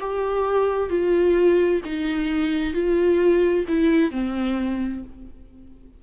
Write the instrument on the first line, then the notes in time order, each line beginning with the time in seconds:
viola
0.00 G4
0.89 F4
1.85 D#4
2.73 F4
3.68 E4
4.11 C4